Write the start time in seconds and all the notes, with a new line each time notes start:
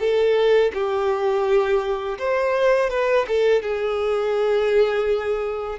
0.00 A4
0.74 G4
2.19 C5
2.90 B4
3.28 A4
3.62 G#4